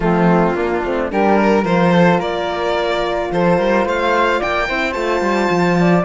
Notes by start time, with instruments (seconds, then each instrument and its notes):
0.00 cello F3, horn A3, flute C4, violin F4
0.54 cello A#3, horn A#3, flute D4
0.84 cello A3, horn C4
1.10 cello G3, horn D4, flute G4, violin A#4
1.37 flute A#4
1.64 cello F3, horn F4, violin C5
1.92 flute A4
2.18 cello A#3, flute A#4, violin D5
3.31 cello F3, flute A4, violin C5
3.58 cello G3, flute A#4
3.84 cello A3, flute C5, violin F5
4.39 cello A#3, flute D5, violin G5
4.67 cello C4, horn E4, flute C5
4.93 cello A3, horn F4, violin A5
5.20 cello G3
5.50 cello F3
5.80 flute D5